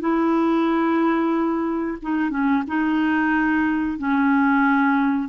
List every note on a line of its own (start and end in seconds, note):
0.00 1.98 E4
2.02 2.30 D#4
2.30 2.63 C#4
2.67 3.98 D#4
3.98 5.28 C#4